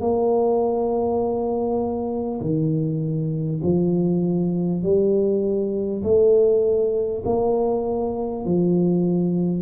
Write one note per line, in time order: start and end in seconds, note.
0.00 2.40 A#3
2.41 3.61 D#3
3.63 4.83 F3
4.83 6.03 G3
6.03 7.23 A3
7.25 8.45 A#3
8.45 9.62 F3